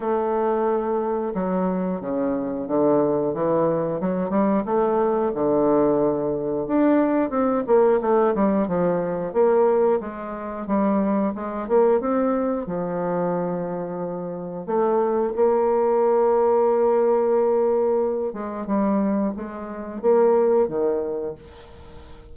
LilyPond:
\new Staff \with { instrumentName = "bassoon" } { \time 4/4 \tempo 4 = 90 a2 fis4 cis4 | d4 e4 fis8 g8 a4 | d2 d'4 c'8 ais8 | a8 g8 f4 ais4 gis4 |
g4 gis8 ais8 c'4 f4~ | f2 a4 ais4~ | ais2.~ ais8 gis8 | g4 gis4 ais4 dis4 | }